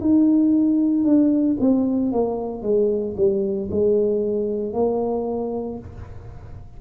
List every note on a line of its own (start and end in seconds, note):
0.00 1.04 D#4
1.04 1.56 D4
1.60 2.11 C4
2.11 2.62 A#3
2.62 3.15 G#3
3.16 3.69 G3
3.70 4.73 G#3
4.73 5.78 A#3